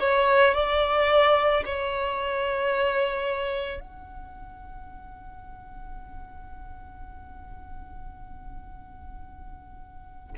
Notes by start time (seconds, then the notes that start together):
0.00 C#5
0.55 D5
1.66 C#5
3.80 F#5